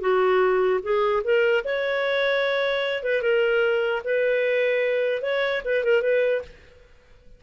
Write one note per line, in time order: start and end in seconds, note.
0.00 0.80 F#4
0.82 1.22 G#4
1.24 1.64 A#4
1.64 3.03 C#5
3.03 3.21 B4
3.21 4.01 A#4
4.04 5.22 B4
5.22 5.62 C#5
5.65 5.84 B4
5.84 6.02 A#4
6.02 6.42 B4